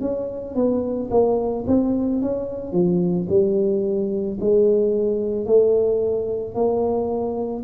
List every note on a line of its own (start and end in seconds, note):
0.00 0.55 C#4
0.55 1.09 B3
1.11 1.65 A#3
1.67 2.22 C4
2.22 2.72 C#4
2.72 3.27 F3
3.29 4.38 G3
4.40 5.46 G#3
5.46 6.55 A3
6.55 7.64 A#3